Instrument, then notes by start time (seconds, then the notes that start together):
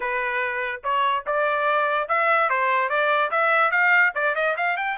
trumpet
0.00 B4
0.83 C#5
1.26 D5
2.08 E5
2.49 C5
2.89 D5
3.30 E5
3.71 F5
4.15 D5
4.35 D#5
4.56 F5
4.77 G5